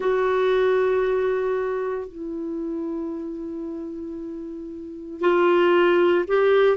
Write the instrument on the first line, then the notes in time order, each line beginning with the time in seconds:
clarinet
0.00 F#4
2.08 E4
5.20 F4
6.28 G4